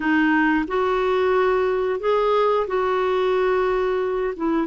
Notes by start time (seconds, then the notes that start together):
0.00 D#4
0.67 F#4
2.00 G#4
2.67 F#4
4.36 E4